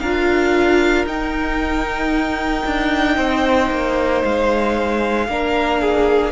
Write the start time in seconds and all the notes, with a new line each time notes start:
0.00 D4 F4 A#4 F5
1.05 D#4 G5
2.66 D4
3.17 C4 C5
3.71 A#3
4.25 G#3 F5
5.28 A#3 D4 A#4
5.82 G#4